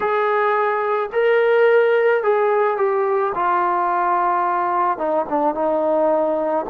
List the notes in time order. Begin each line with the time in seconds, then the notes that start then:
0.00 G#4
1.12 A#4
2.23 G#4
2.77 G4
3.34 F4
4.97 D#4
5.29 D4
5.54 D#4